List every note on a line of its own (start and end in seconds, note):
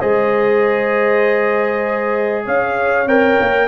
0.00 2.47 G#3
0.00 3.07 G#4
0.00 2.45 C5
0.00 2.46 D#5
2.46 3.07 C#4
2.46 3.68 C#5
2.46 3.09 F5
3.07 3.37 C4
3.07 3.68 A#4
3.07 3.68 G5
3.40 3.68 A#3